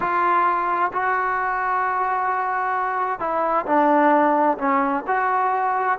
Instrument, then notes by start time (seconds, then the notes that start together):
trombone
0.00 F4
0.92 F#4
3.19 E4
3.66 D4
4.58 C#4
5.07 F#4